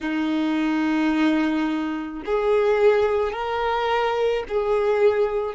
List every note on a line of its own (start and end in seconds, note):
0.00 2.22 D#4
2.25 3.32 G#4
3.32 4.43 A#4
4.48 5.54 G#4